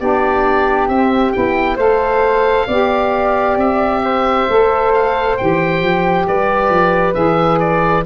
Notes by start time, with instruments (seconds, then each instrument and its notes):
0.00 tuba B3, saxophone D4, flute G4, oboe D5
0.88 tuba C4, saxophone C4, oboe E5
1.32 tuba B3, saxophone E4, oboe G5
1.76 tuba A3, saxophone A4, flute C5, oboe F5
2.67 tuba B3, saxophone G4, flute D5
3.57 tuba C4, oboe E5
4.04 flute C5
4.49 tuba A3, saxophone A4
4.93 oboe F5
5.37 tuba E3, saxophone G4, oboe G5
5.81 tuba F3
6.27 tuba G3, flute B4, oboe D5
6.70 tuba F3
7.13 tuba E3, saxophone G#4, oboe E5
7.60 oboe D5